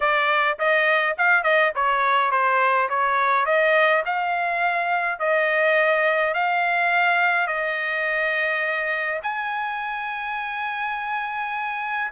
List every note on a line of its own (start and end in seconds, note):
0.00 0.58 D5
0.58 1.16 D#5
1.17 1.43 F5
1.43 1.72 D#5
1.75 2.31 C#5
2.31 2.88 C5
2.89 3.45 C#5
3.45 4.03 D#5
4.05 5.19 F5
5.19 6.34 D#5
6.34 7.47 F5
7.47 9.20 D#5
9.22 12.11 G#5